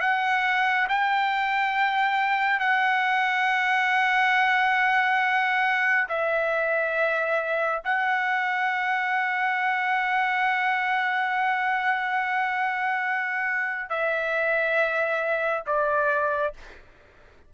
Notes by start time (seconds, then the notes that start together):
0.00 F#5
0.88 G5
2.59 F#5
6.08 E5
7.84 F#5
13.89 E5
15.66 D5